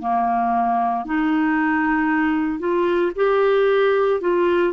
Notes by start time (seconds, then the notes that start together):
0.00 A#3
1.05 D#4
2.59 F4
3.16 G4
4.21 F4